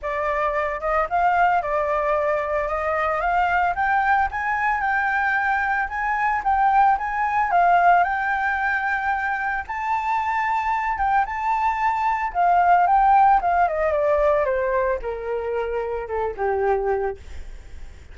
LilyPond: \new Staff \with { instrumentName = "flute" } { \time 4/4 \tempo 4 = 112 d''4. dis''8 f''4 d''4~ | d''4 dis''4 f''4 g''4 | gis''4 g''2 gis''4 | g''4 gis''4 f''4 g''4~ |
g''2 a''2~ | a''8 g''8 a''2 f''4 | g''4 f''8 dis''8 d''4 c''4 | ais'2 a'8 g'4. | }